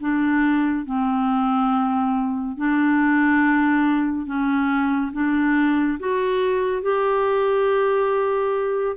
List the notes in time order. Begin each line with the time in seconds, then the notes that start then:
0.00 D4
0.85 C4
2.57 D4
4.26 C#4
5.13 D4
5.99 F#4
6.82 G4